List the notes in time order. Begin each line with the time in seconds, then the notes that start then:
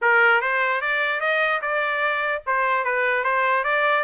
0.01 A#4
0.41 C5
0.81 D5
1.20 D#5
1.61 D5
2.46 C5
2.84 B4
3.24 C5
3.63 D5